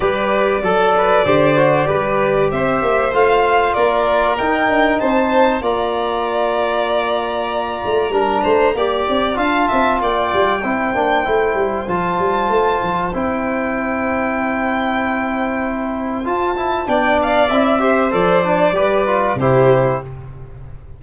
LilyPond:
<<
  \new Staff \with { instrumentName = "violin" } { \time 4/4 \tempo 4 = 96 d''1 | e''4 f''4 d''4 g''4 | a''4 ais''2.~ | ais''2. a''4 |
g''2. a''4~ | a''4 g''2.~ | g''2 a''4 g''8 f''8 | e''4 d''2 c''4 | }
  \new Staff \with { instrumentName = "violin" } { \time 4/4 b'4 a'8 b'8 c''4 b'4 | c''2 ais'2 | c''4 d''2.~ | d''4 ais'8 c''8 d''4 f''8 e''8 |
d''4 c''2.~ | c''1~ | c''2. d''4~ | d''8 c''4. b'4 g'4 | }
  \new Staff \with { instrumentName = "trombone" } { \time 4/4 g'4 a'4 g'8 fis'8 g'4~ | g'4 f'2 dis'4~ | dis'4 f'2.~ | f'4 d'4 g'4 f'4~ |
f'4 e'8 d'8 e'4 f'4~ | f'4 e'2.~ | e'2 f'8 e'8 d'4 | e'8 g'8 a'8 d'8 g'8 f'8 e'4 | }
  \new Staff \with { instrumentName = "tuba" } { \time 4/4 g4 fis4 d4 g4 | c'8 ais8 a4 ais4 dis'8 d'8 | c'4 ais2.~ | ais8 a8 g8 a8 ais8 c'8 d'8 c'8 |
ais8 g8 c'8 ais8 a8 g8 f8 g8 | a8 f8 c'2.~ | c'2 f'4 b4 | c'4 f4 g4 c4 | }
>>